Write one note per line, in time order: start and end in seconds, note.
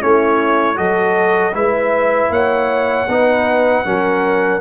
0.00 0.79 A3
0.00 0.75 C#4
0.00 0.77 E4
0.00 0.77 C#5
0.75 1.54 F#3
0.75 1.52 F#4
0.75 1.54 A4
0.75 1.54 D#5
1.54 2.29 G#3
1.54 3.08 E4
1.54 2.32 B4
1.54 2.32 E5
2.29 3.06 A#3
2.29 3.09 C#5
2.29 4.60 F#5
3.08 3.85 B3
3.08 3.85 D#4
3.08 3.86 B4
3.85 4.60 F#3
3.85 4.60 C#4
3.85 4.60 A#4